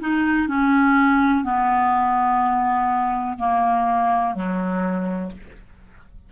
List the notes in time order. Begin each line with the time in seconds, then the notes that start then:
0.00 D#4
0.48 C#4
1.44 B3
3.38 A#3
4.35 F#3